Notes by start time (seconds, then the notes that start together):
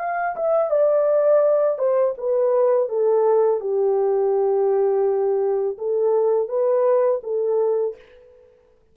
0.00 F5
0.36 E5
0.71 D5
1.79 C5
2.18 B4
2.89 A4
3.61 G4
5.78 A4
6.49 B4
7.24 A4